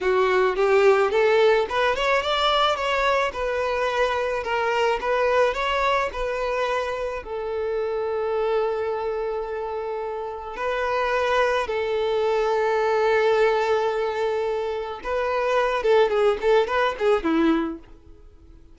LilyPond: \new Staff \with { instrumentName = "violin" } { \time 4/4 \tempo 4 = 108 fis'4 g'4 a'4 b'8 cis''8 | d''4 cis''4 b'2 | ais'4 b'4 cis''4 b'4~ | b'4 a'2.~ |
a'2. b'4~ | b'4 a'2.~ | a'2. b'4~ | b'8 a'8 gis'8 a'8 b'8 gis'8 e'4 | }